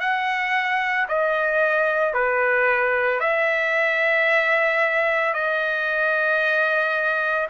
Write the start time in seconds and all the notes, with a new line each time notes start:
0.00 F#5
1.09 D#5
2.14 B4
3.20 E5
5.34 D#5